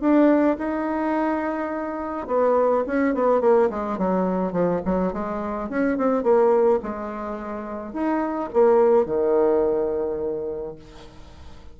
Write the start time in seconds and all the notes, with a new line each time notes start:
0.00 D4
0.58 D#4
2.27 B3
2.86 C#4
3.14 B3
3.40 A#3
3.70 G#3
3.98 F#3
4.52 F3
4.85 F#3
5.13 G#3
5.69 C#4
5.97 C4
6.23 A#3
6.83 G#3
7.93 D#4
8.53 A#3
9.05 D#3